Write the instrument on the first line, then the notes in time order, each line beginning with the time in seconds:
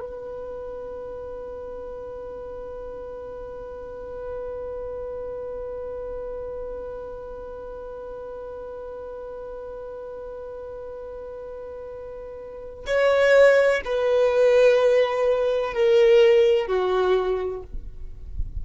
violin
0.00 B4
12.86 C#5
13.85 B4
15.74 A#4
16.67 F#4